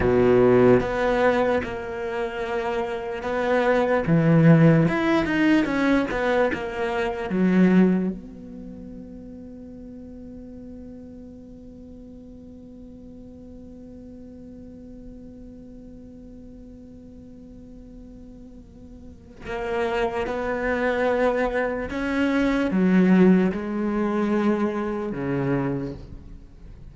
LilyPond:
\new Staff \with { instrumentName = "cello" } { \time 4/4 \tempo 4 = 74 b,4 b4 ais2 | b4 e4 e'8 dis'8 cis'8 b8 | ais4 fis4 b2~ | b1~ |
b1~ | b1 | ais4 b2 cis'4 | fis4 gis2 cis4 | }